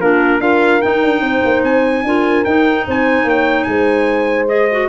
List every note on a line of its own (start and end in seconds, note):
0.00 0.40 A#3
0.00 0.40 D4
0.00 0.40 F4
0.00 0.40 A#4
0.40 0.81 D4
0.40 0.81 F4
0.40 1.22 A#4
0.40 0.81 F5
0.81 2.04 D#4
0.81 1.03 D#4
0.81 1.63 G5
1.03 1.21 D4
1.21 1.41 C4
1.21 2.06 C5
1.44 1.63 A#3
1.63 2.03 C4
1.63 2.44 G#5
2.03 2.44 D4
2.03 2.46 F4
2.03 2.86 A#4
2.44 2.86 D#4
2.44 4.47 D#4
2.44 2.85 G5
2.86 3.23 C4
2.86 3.26 C5
2.86 3.29 G#5
3.23 3.64 A#3
3.23 3.66 C#5
3.23 3.63 G5
3.63 4.88 G#3
3.63 4.88 C5
3.63 4.45 G#5
4.47 4.68 G#4
4.47 4.88 D#5
4.71 4.88 F#4